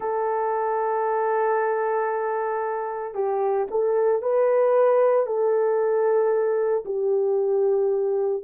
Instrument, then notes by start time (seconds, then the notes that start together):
horn
0.00 A4
3.14 G4
3.70 A4
4.22 B4
5.26 A4
6.85 G4